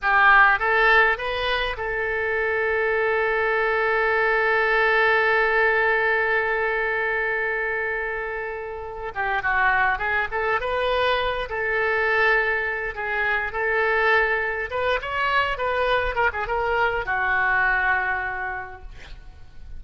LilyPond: \new Staff \with { instrumentName = "oboe" } { \time 4/4 \tempo 4 = 102 g'4 a'4 b'4 a'4~ | a'1~ | a'1~ | a'2.~ a'8 g'8 |
fis'4 gis'8 a'8 b'4. a'8~ | a'2 gis'4 a'4~ | a'4 b'8 cis''4 b'4 ais'16 gis'16 | ais'4 fis'2. | }